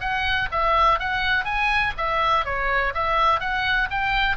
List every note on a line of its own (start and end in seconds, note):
0.00 0.48 F#5
0.51 0.99 E5
0.99 1.44 F#5
1.44 1.92 G#5
1.97 2.45 E5
2.45 2.93 C#5
2.94 3.40 E5
3.40 3.88 F#5
3.90 4.36 G5